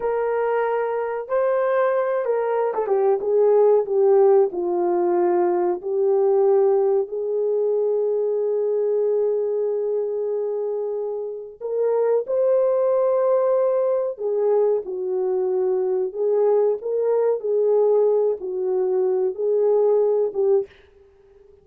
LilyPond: \new Staff \with { instrumentName = "horn" } { \time 4/4 \tempo 4 = 93 ais'2 c''4. ais'8~ | ais'16 a'16 g'8 gis'4 g'4 f'4~ | f'4 g'2 gis'4~ | gis'1~ |
gis'2 ais'4 c''4~ | c''2 gis'4 fis'4~ | fis'4 gis'4 ais'4 gis'4~ | gis'8 fis'4. gis'4. g'8 | }